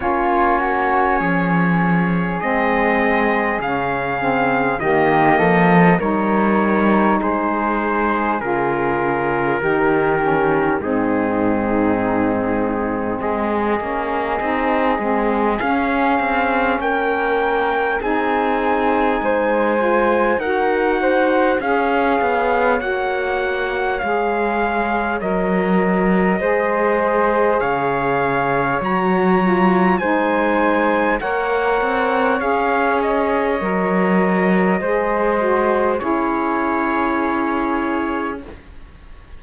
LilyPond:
<<
  \new Staff \with { instrumentName = "trumpet" } { \time 4/4 \tempo 4 = 50 cis''2 dis''4 f''4 | dis''4 cis''4 c''4 ais'4~ | ais'4 gis'2 dis''4~ | dis''4 f''4 g''4 gis''4~ |
gis''4 fis''4 f''4 fis''4 | f''4 dis''2 f''4 | ais''4 gis''4 fis''4 f''8 dis''8~ | dis''2 cis''2 | }
  \new Staff \with { instrumentName = "flute" } { \time 4/4 f'8 fis'8 gis'2. | g'8 a'8 ais'4 gis'2 | g'4 dis'2 gis'4~ | gis'2 ais'4 gis'4 |
c''4 ais'8 c''8 cis''2~ | cis''2 c''4 cis''4~ | cis''4 c''4 cis''2~ | cis''4 c''4 gis'2 | }
  \new Staff \with { instrumentName = "saxophone" } { \time 4/4 cis'2 c'4 cis'8 c'8 | ais4 dis'2 f'4 | dis'8 cis'8 c'2~ c'8 cis'8 | dis'8 c'8 cis'2 dis'4~ |
dis'8 f'8 fis'4 gis'4 fis'4 | gis'4 ais'4 gis'2 | fis'8 f'8 dis'4 ais'4 gis'4 | ais'4 gis'8 fis'8 e'2 | }
  \new Staff \with { instrumentName = "cello" } { \time 4/4 ais4 f4 gis4 cis4 | dis8 f8 g4 gis4 cis4 | dis4 gis,2 gis8 ais8 | c'8 gis8 cis'8 c'8 ais4 c'4 |
gis4 dis'4 cis'8 b8 ais4 | gis4 fis4 gis4 cis4 | fis4 gis4 ais8 c'8 cis'4 | fis4 gis4 cis'2 | }
>>